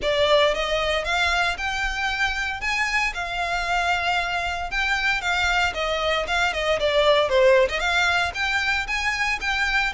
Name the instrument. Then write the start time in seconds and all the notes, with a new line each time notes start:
violin
0.02 D5
0.54 D#5
1.04 F5
1.57 G5
2.61 G#5
3.14 F5
4.71 G5
5.21 F5
5.74 D#5
6.27 F5
6.53 D#5
6.79 D5
7.29 C5
7.69 D#5
7.79 F5
8.34 G5
8.87 G#5
9.41 G5